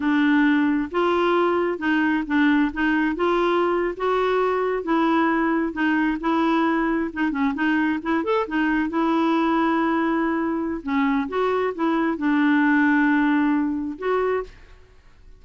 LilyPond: \new Staff \with { instrumentName = "clarinet" } { \time 4/4 \tempo 4 = 133 d'2 f'2 | dis'4 d'4 dis'4 f'4~ | f'8. fis'2 e'4~ e'16~ | e'8. dis'4 e'2 dis'16~ |
dis'16 cis'8 dis'4 e'8 a'8 dis'4 e'16~ | e'1 | cis'4 fis'4 e'4 d'4~ | d'2. fis'4 | }